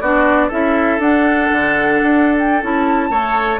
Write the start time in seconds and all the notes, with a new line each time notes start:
0.00 B3 D4 F#4 D5
0.47 C#4 E4 A4 E5
0.98 D4 F#5
1.52 D3
2.01 D4
2.38 G5
2.62 C#4 E4 A5
3.09 A3 A4 C#5